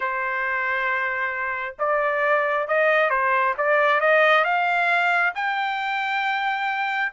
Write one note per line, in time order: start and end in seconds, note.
0.00 1.75 C5
1.79 2.67 D5
2.67 3.10 D#5
3.10 3.54 C5
3.57 4.00 D5
4.00 4.44 D#5
4.44 5.33 F5
5.34 7.12 G5